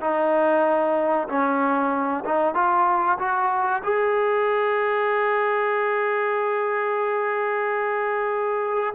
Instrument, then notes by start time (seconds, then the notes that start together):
trombone
0.00 D#4
1.28 C#4
2.25 D#4
2.54 F4
3.18 F#4
3.84 G#4